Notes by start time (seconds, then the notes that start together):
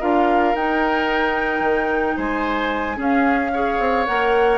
0.00 D4 F4 A#4 F5
0.54 D#4 G5
1.60 D#3
2.16 G#3 C5 G#5
2.96 C#4 G#4 F5
3.53 G#4 C#5
3.79 C4
4.06 A#3 A#4 F#5